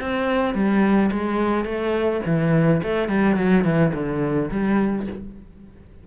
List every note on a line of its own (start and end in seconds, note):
0.00 0.54 C4
0.54 1.10 G3
1.11 1.64 G#3
1.64 2.20 A3
2.25 2.81 E3
2.83 3.08 A3
3.08 3.36 G3
3.36 3.64 F#3
3.64 3.92 E3
3.94 4.50 D3
4.50 5.06 G3